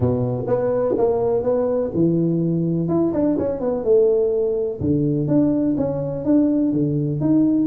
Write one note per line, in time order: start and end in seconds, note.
0.00 0.45 B2
0.47 0.95 B3
0.97 1.42 A#3
1.42 1.90 B3
1.94 2.88 E3
2.88 3.12 E4
3.13 3.37 D4
3.38 3.60 C#4
3.60 3.84 B3
3.84 4.80 A3
4.80 5.27 D3
5.27 5.75 D4
5.77 6.24 C#4
6.24 6.72 D4
6.72 7.20 D3
7.20 7.67 D#4